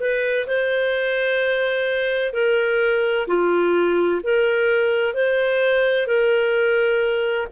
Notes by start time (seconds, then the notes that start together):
0.00 B4
0.47 C5
2.34 A#4
3.28 F4
4.24 A#4
5.14 C5
6.07 A#4